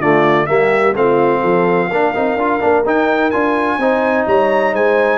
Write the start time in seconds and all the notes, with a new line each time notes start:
0.00 D3 A3 F4 D5
0.47 G3 A#3 G4 E5
0.95 A3 C4 F4 F5
1.41 F3 A4
1.91 A#3 D4 A#4
2.15 C4 D#4
2.36 D4 F4
2.61 A#3 D4
2.86 D#4 G5
3.31 D4 F4 G#5
3.78 C4 D#4 C5
4.28 G3 C#5 A#5
4.74 G#3 C5 G#5